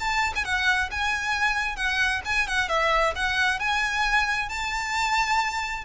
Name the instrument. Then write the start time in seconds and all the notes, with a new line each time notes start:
violin
0.00 A5
0.36 G#5
0.45 F#5
0.91 G#5
1.77 F#5
2.25 G#5
2.48 F#5
2.69 E5
3.16 F#5
3.59 G#5
4.49 A5